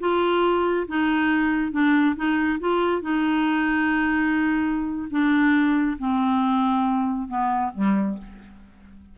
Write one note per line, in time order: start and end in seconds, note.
0.00 0.87 F4
0.88 1.72 D#4
1.72 2.16 D4
2.16 2.59 D#4
2.60 3.02 F4
3.02 5.09 D#4
5.11 5.98 D4
5.99 7.28 C4
7.28 7.72 B3
7.75 8.18 G3